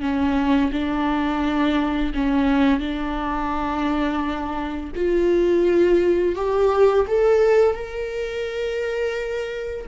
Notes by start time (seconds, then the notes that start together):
0.00 C#4
0.72 D4
2.14 C#4
2.79 D4
4.95 F4
6.35 G4
7.07 A4
7.74 A#4